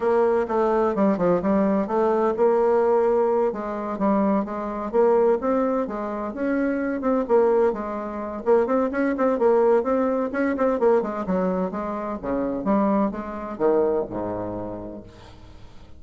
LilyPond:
\new Staff \with { instrumentName = "bassoon" } { \time 4/4 \tempo 4 = 128 ais4 a4 g8 f8 g4 | a4 ais2~ ais8 gis8~ | gis8 g4 gis4 ais4 c'8~ | c'8 gis4 cis'4. c'8 ais8~ |
ais8 gis4. ais8 c'8 cis'8 c'8 | ais4 c'4 cis'8 c'8 ais8 gis8 | fis4 gis4 cis4 g4 | gis4 dis4 gis,2 | }